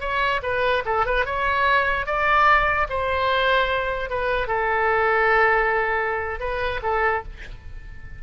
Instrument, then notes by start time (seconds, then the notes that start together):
oboe
0.00 C#5
0.42 B4
0.85 A4
1.06 B4
1.25 C#5
2.06 D5
2.89 C5
4.09 B4
4.47 A4
6.40 B4
6.82 A4